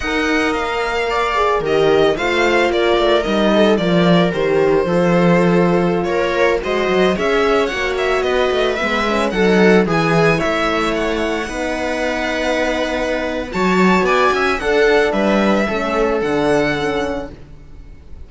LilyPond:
<<
  \new Staff \with { instrumentName = "violin" } { \time 4/4 \tempo 4 = 111 fis''4 f''2 dis''4 | f''4 d''4 dis''4 d''4 | c''2.~ c''16 cis''8.~ | cis''16 dis''4 e''4 fis''8 e''8 dis''8.~ |
dis''16 e''4 fis''4 gis''4 e''8.~ | e''16 fis''2.~ fis''8.~ | fis''4 a''4 gis''4 fis''4 | e''2 fis''2 | }
  \new Staff \with { instrumentName = "viola" } { \time 4/4 dis''2 d''4 ais'4 | c''4 ais'4. a'8 ais'4~ | ais'4 a'2~ a'16 ais'8.~ | ais'16 c''4 cis''2 b'8.~ |
b'4~ b'16 a'4 gis'4 cis''8.~ | cis''4~ cis''16 b'2~ b'8.~ | b'4 cis''4 d''8 e''8 a'4 | b'4 a'2. | }
  \new Staff \with { instrumentName = "horn" } { \time 4/4 ais'2~ ais'8 gis'8 g'4 | f'2 dis'4 f'4 | g'4 f'2.~ | f'16 fis'4 gis'4 fis'4.~ fis'16~ |
fis'16 b8 cis'8 dis'4 e'4.~ e'16~ | e'4~ e'16 dis'2~ dis'8.~ | dis'4 fis'2 d'4~ | d'4 cis'4 d'4 cis'4 | }
  \new Staff \with { instrumentName = "cello" } { \time 4/4 dis'4 ais2 dis4 | a4 ais8 a8 g4 f4 | dis4 f2~ f16 ais8.~ | ais16 gis8 fis8 cis'4 ais4 b8 a16~ |
a16 gis4 fis4 e4 a8.~ | a4~ a16 b2~ b8.~ | b4 fis4 b8 cis'8 d'4 | g4 a4 d2 | }
>>